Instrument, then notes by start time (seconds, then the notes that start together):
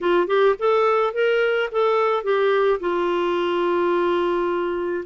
clarinet
0.01 F4
0.27 G4
0.59 A4
1.13 A#4
1.71 A4
2.23 G4
2.80 F4